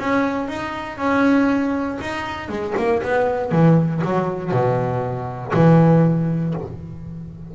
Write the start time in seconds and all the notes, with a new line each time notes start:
0.00 C#4
0.48 D#4
0.98 C#4
2.02 D#4
2.49 G#3
2.78 A#3
3.03 B3
3.52 E3
4.05 F#3
4.52 B2
5.54 E3